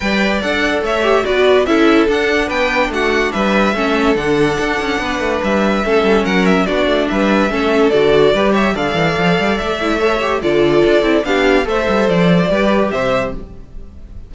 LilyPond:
<<
  \new Staff \with { instrumentName = "violin" } { \time 4/4 \tempo 4 = 144 g''4 fis''4 e''4 d''4 | e''4 fis''4 g''4 fis''4 | e''2 fis''2~ | fis''4 e''2 fis''8 e''8 |
d''4 e''2 d''4~ | d''8 e''8 f''2 e''4~ | e''4 d''2 f''4 | e''4 d''2 e''4 | }
  \new Staff \with { instrumentName = "violin" } { \time 4/4 d''2 cis''4 b'4 | a'2 b'4 fis'4 | b'4 a'2. | b'2 a'4 ais'4 |
fis'4 b'4 a'2 | b'8 cis''8 d''2. | cis''4 a'2 g'4 | c''2 b'4 c''4 | }
  \new Staff \with { instrumentName = "viola" } { \time 4/4 b'4 a'4. g'8 fis'4 | e'4 d'2.~ | d'4 cis'4 d'2~ | d'2 cis'2 |
d'2 cis'4 fis'4 | g'4 a'2~ a'8 e'8 | a'8 g'8 f'4. e'8 d'4 | a'2 g'2 | }
  \new Staff \with { instrumentName = "cello" } { \time 4/4 g4 d'4 a4 b4 | cis'4 d'4 b4 a4 | g4 a4 d4 d'8 cis'8 | b8 a8 g4 a8 g8 fis4 |
b8 a8 g4 a4 d4 | g4 d8 e8 f8 g8 a4~ | a4 d4 d'8 c'8 b4 | a8 g8 f4 g4 c4 | }
>>